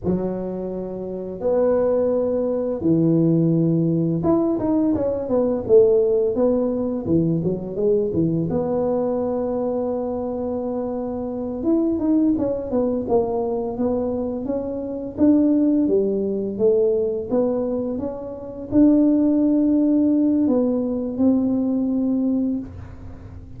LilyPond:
\new Staff \with { instrumentName = "tuba" } { \time 4/4 \tempo 4 = 85 fis2 b2 | e2 e'8 dis'8 cis'8 b8 | a4 b4 e8 fis8 gis8 e8 | b1~ |
b8 e'8 dis'8 cis'8 b8 ais4 b8~ | b8 cis'4 d'4 g4 a8~ | a8 b4 cis'4 d'4.~ | d'4 b4 c'2 | }